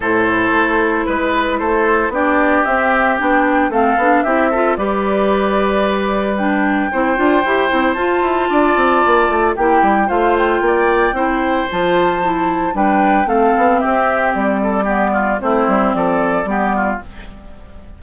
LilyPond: <<
  \new Staff \with { instrumentName = "flute" } { \time 4/4 \tempo 4 = 113 c''2 b'4 c''4 | d''4 e''4 g''4 f''4 | e''4 d''2. | g''2. a''4~ |
a''2 g''4 f''8 g''8~ | g''2 a''2 | g''4 f''4 e''4 d''4~ | d''4 c''4 d''2 | }
  \new Staff \with { instrumentName = "oboe" } { \time 4/4 a'2 b'4 a'4 | g'2. a'4 | g'8 a'8 b'2.~ | b'4 c''2. |
d''2 g'4 c''4 | d''4 c''2. | b'4 a'4 g'4. a'8 | g'8 f'8 e'4 a'4 g'8 f'8 | }
  \new Staff \with { instrumentName = "clarinet" } { \time 4/4 e'1 | d'4 c'4 d'4 c'8 d'8 | e'8 f'8 g'2. | d'4 e'8 f'8 g'8 e'8 f'4~ |
f'2 e'4 f'4~ | f'4 e'4 f'4 e'4 | d'4 c'2. | b4 c'2 b4 | }
  \new Staff \with { instrumentName = "bassoon" } { \time 4/4 a,4 a4 gis4 a4 | b4 c'4 b4 a8 b8 | c'4 g2.~ | g4 c'8 d'8 e'8 c'8 f'8 e'8 |
d'8 c'8 ais8 a8 ais8 g8 a4 | ais4 c'4 f2 | g4 a8 b8 c'4 g4~ | g4 a8 g8 f4 g4 | }
>>